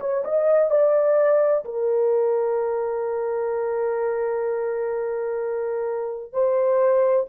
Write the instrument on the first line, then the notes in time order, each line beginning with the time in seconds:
horn
0.00 C#5
0.24 D#5
0.71 D5
1.65 A#4
6.33 C5